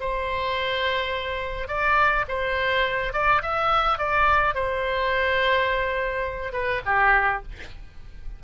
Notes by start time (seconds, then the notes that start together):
0.00 C5
1.68 D5
2.28 C5
3.13 D5
3.42 E5
3.98 D5
4.55 C5
6.52 B4
6.85 G4